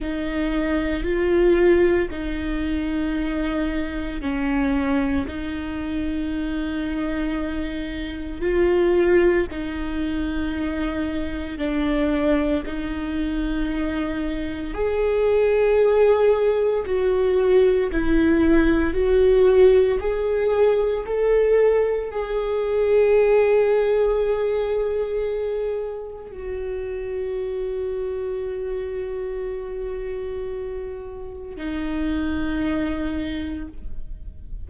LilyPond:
\new Staff \with { instrumentName = "viola" } { \time 4/4 \tempo 4 = 57 dis'4 f'4 dis'2 | cis'4 dis'2. | f'4 dis'2 d'4 | dis'2 gis'2 |
fis'4 e'4 fis'4 gis'4 | a'4 gis'2.~ | gis'4 fis'2.~ | fis'2 dis'2 | }